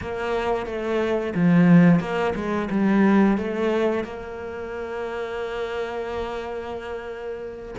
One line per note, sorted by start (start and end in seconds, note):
0.01 0.66 A#3
0.66 1.33 A3
1.34 1.99 F3
1.99 2.33 A#3
2.35 2.68 G#3
2.70 3.37 G3
3.37 4.04 A3
4.04 7.75 A#3